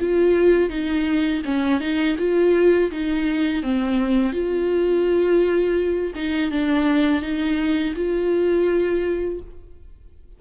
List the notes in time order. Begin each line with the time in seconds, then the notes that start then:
0.00 F4
0.70 D#4
1.45 C#4
1.80 D#4
2.19 F4
2.91 D#4
3.63 C4
4.32 F4
6.15 D#4
6.51 D4
7.22 D#4
7.96 F4